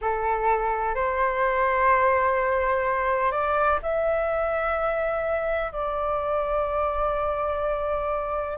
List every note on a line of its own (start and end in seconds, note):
0.01 0.94 A4
0.94 3.31 C5
3.31 3.79 D5
3.82 5.71 E5
5.71 8.57 D5